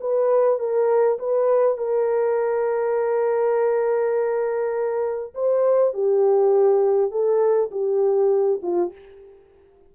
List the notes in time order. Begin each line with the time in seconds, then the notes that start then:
0.00 B4
0.59 A#4
1.19 B4
1.77 A#4
5.34 C5
5.93 G4
7.11 A4
7.71 G4
8.62 F4